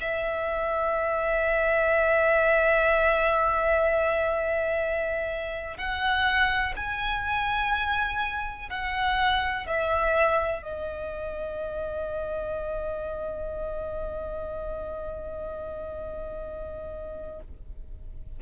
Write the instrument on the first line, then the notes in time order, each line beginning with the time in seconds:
violin
0.00 E5
5.77 F#5
6.76 G#5
8.69 F#5
9.66 E5
10.62 D#5